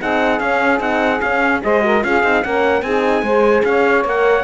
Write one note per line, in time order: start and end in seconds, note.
0.00 0.40 C4
0.00 0.41 D#4
0.00 1.62 G#4
0.00 0.40 F#5
0.40 0.80 C#4
0.40 0.79 C#4
0.40 0.80 F5
0.79 1.20 C4
0.79 1.20 D#4
0.79 1.21 F#5
1.21 1.62 C#4
1.21 1.61 C#4
1.21 1.61 F5
1.61 2.04 G#3
1.61 1.81 G#4
1.61 1.84 C5
1.61 2.04 D#5
1.81 2.01 F#4
1.81 2.04 A#4
2.02 2.23 C#4
2.02 2.22 F4
2.02 2.44 G#4
2.02 2.43 F5
2.23 2.43 C4
2.23 2.43 D#4
2.43 2.82 A#3
2.43 2.84 C#4
2.43 2.84 A#4
2.43 2.82 F#5
2.82 3.22 C4
2.82 3.26 D#4
2.82 3.24 G#4
2.82 3.63 G#5
3.22 3.62 G#3
3.22 4.06 G#4
3.22 3.65 C5
3.64 4.04 C#4
3.64 4.44 C#5
3.64 4.05 F5
4.04 4.44 A#3
4.04 4.44 A#4
4.04 4.44 F#5